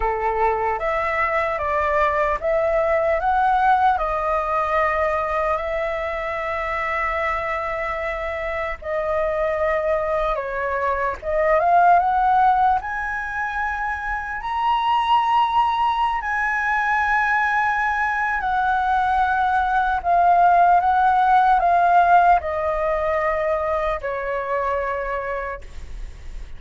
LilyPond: \new Staff \with { instrumentName = "flute" } { \time 4/4 \tempo 4 = 75 a'4 e''4 d''4 e''4 | fis''4 dis''2 e''4~ | e''2. dis''4~ | dis''4 cis''4 dis''8 f''8 fis''4 |
gis''2 ais''2~ | ais''16 gis''2~ gis''8. fis''4~ | fis''4 f''4 fis''4 f''4 | dis''2 cis''2 | }